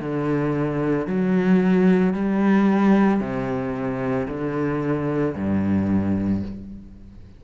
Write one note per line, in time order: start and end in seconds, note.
0.00 1.07 D3
1.07 2.13 F#3
2.13 3.20 G3
3.20 4.27 C3
4.28 5.35 D3
5.35 6.42 G2